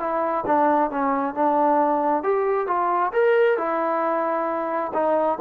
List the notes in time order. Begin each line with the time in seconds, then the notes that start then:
0.00 E4
0.47 D4
0.91 C#4
1.35 D4
2.23 G4
2.68 F4
3.13 A#4
3.58 E4
4.94 D#4